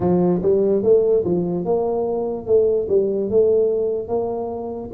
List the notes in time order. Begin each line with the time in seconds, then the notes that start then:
0.00 F3
0.42 G3
0.82 A3
1.24 F3
1.64 A#3
2.46 A3
2.88 G3
3.30 A3
4.08 A#3